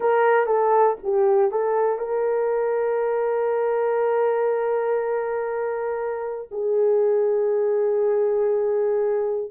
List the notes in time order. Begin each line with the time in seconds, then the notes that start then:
0.00 A#4
0.46 A4
1.03 G4
1.50 A4
1.98 A#4
6.51 G#4